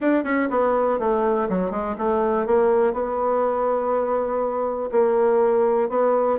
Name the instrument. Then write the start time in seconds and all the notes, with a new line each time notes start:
bassoon
0.00 D4
0.24 C#4
0.50 B3
0.99 A3
1.49 F#3
1.71 G#3
1.97 A3
2.46 A#3
2.93 B3
4.91 A#3
5.89 B3